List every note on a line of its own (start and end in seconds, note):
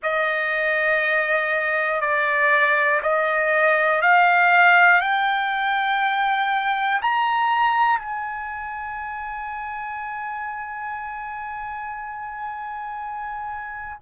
0.02 2.00 D#5
2.00 3.00 D5
3.02 4.01 D#5
4.01 5.00 F5
5.00 7.00 G5
7.01 7.98 A#5
7.98 13.98 G#5